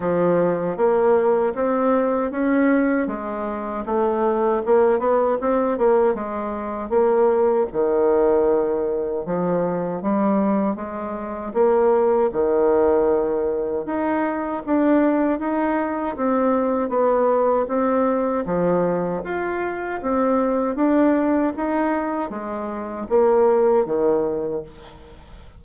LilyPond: \new Staff \with { instrumentName = "bassoon" } { \time 4/4 \tempo 4 = 78 f4 ais4 c'4 cis'4 | gis4 a4 ais8 b8 c'8 ais8 | gis4 ais4 dis2 | f4 g4 gis4 ais4 |
dis2 dis'4 d'4 | dis'4 c'4 b4 c'4 | f4 f'4 c'4 d'4 | dis'4 gis4 ais4 dis4 | }